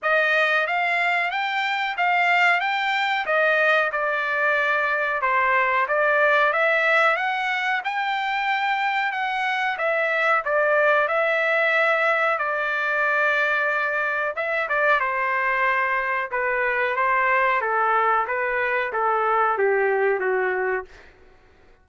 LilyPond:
\new Staff \with { instrumentName = "trumpet" } { \time 4/4 \tempo 4 = 92 dis''4 f''4 g''4 f''4 | g''4 dis''4 d''2 | c''4 d''4 e''4 fis''4 | g''2 fis''4 e''4 |
d''4 e''2 d''4~ | d''2 e''8 d''8 c''4~ | c''4 b'4 c''4 a'4 | b'4 a'4 g'4 fis'4 | }